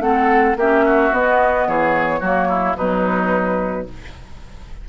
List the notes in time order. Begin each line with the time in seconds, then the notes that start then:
0.00 A3 C4 A4 F#5
0.57 A#3 C#4 G4 E5
0.85 F#4
1.12 B3 D#5
1.68 E3 G#4 C#5
2.20 F#3 A#3 F#4
2.49 E4
2.76 B2 F#3 D#4 B4